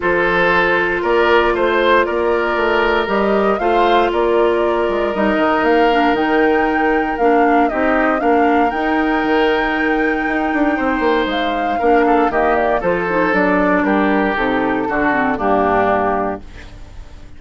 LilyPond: <<
  \new Staff \with { instrumentName = "flute" } { \time 4/4 \tempo 4 = 117 c''2 d''4 c''4 | d''2 dis''4 f''4 | d''2 dis''4 f''4 | g''2 f''4 dis''4 |
f''4 g''2.~ | g''2 f''2 | dis''8 d''8 c''4 d''4 ais'4 | a'2 g'2 | }
  \new Staff \with { instrumentName = "oboe" } { \time 4/4 a'2 ais'4 c''4 | ais'2. c''4 | ais'1~ | ais'2. g'4 |
ais'1~ | ais'4 c''2 ais'8 a'8 | g'4 a'2 g'4~ | g'4 fis'4 d'2 | }
  \new Staff \with { instrumentName = "clarinet" } { \time 4/4 f'1~ | f'2 g'4 f'4~ | f'2 dis'4. d'8 | dis'2 d'4 dis'4 |
d'4 dis'2.~ | dis'2. d'4 | ais4 f'8 dis'8 d'2 | dis'4 d'8 c'8 ais2 | }
  \new Staff \with { instrumentName = "bassoon" } { \time 4/4 f2 ais4 a4 | ais4 a4 g4 a4 | ais4. gis8 g8 dis8 ais4 | dis2 ais4 c'4 |
ais4 dis'4 dis2 | dis'8 d'8 c'8 ais8 gis4 ais4 | dis4 f4 fis4 g4 | c4 d4 g,2 | }
>>